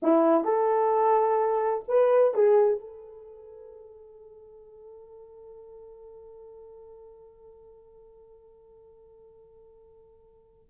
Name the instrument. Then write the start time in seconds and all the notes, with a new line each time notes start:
horn
0.02 E4
0.44 A4
1.88 B4
2.34 G#4
2.79 A4